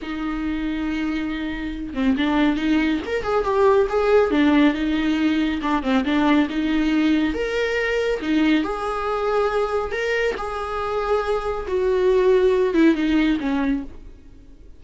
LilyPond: \new Staff \with { instrumentName = "viola" } { \time 4/4 \tempo 4 = 139 dis'1~ | dis'8 c'8 d'4 dis'4 ais'8 gis'8 | g'4 gis'4 d'4 dis'4~ | dis'4 d'8 c'8 d'4 dis'4~ |
dis'4 ais'2 dis'4 | gis'2. ais'4 | gis'2. fis'4~ | fis'4. e'8 dis'4 cis'4 | }